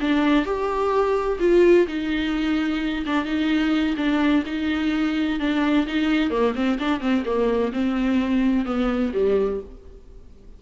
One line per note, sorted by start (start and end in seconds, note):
0.00 0.45 D4
0.45 1.39 G4
1.40 1.86 F4
1.87 3.04 D#4
3.06 3.25 D4
3.25 3.95 D#4
3.97 4.43 D4
4.46 5.39 D#4
5.39 5.86 D4
5.86 6.30 D#4
6.30 6.54 A#3
6.55 6.78 C4
6.79 7.00 D4
7.00 7.23 C4
7.25 7.72 A#3
7.73 8.65 C4
8.65 9.12 B3
9.13 9.60 G3